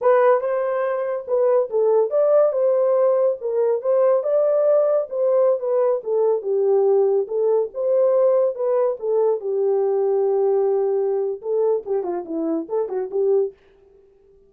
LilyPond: \new Staff \with { instrumentName = "horn" } { \time 4/4 \tempo 4 = 142 b'4 c''2 b'4 | a'4 d''4 c''2 | ais'4 c''4 d''2 | c''4~ c''16 b'4 a'4 g'8.~ |
g'4~ g'16 a'4 c''4.~ c''16~ | c''16 b'4 a'4 g'4.~ g'16~ | g'2. a'4 | g'8 f'8 e'4 a'8 fis'8 g'4 | }